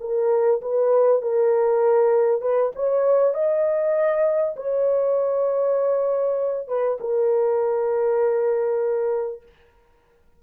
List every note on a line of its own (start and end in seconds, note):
0.00 0.61 A#4
0.61 1.22 B4
1.22 2.41 A#4
2.41 2.72 B4
2.75 3.34 C#5
3.34 4.55 D#5
4.56 6.67 C#5
6.67 6.98 B4
7.00 9.42 A#4